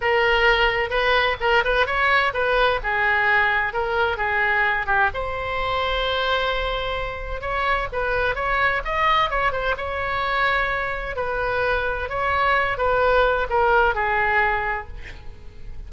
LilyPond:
\new Staff \with { instrumentName = "oboe" } { \time 4/4 \tempo 4 = 129 ais'2 b'4 ais'8 b'8 | cis''4 b'4 gis'2 | ais'4 gis'4. g'8 c''4~ | c''1 |
cis''4 b'4 cis''4 dis''4 | cis''8 c''8 cis''2. | b'2 cis''4. b'8~ | b'4 ais'4 gis'2 | }